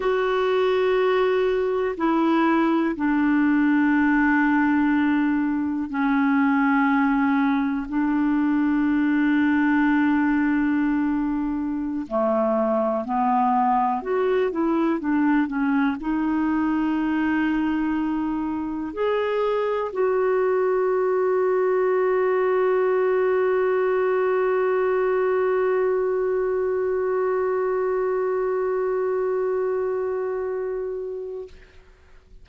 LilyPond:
\new Staff \with { instrumentName = "clarinet" } { \time 4/4 \tempo 4 = 61 fis'2 e'4 d'4~ | d'2 cis'2 | d'1~ | d'16 a4 b4 fis'8 e'8 d'8 cis'16~ |
cis'16 dis'2. gis'8.~ | gis'16 fis'2.~ fis'8.~ | fis'1~ | fis'1 | }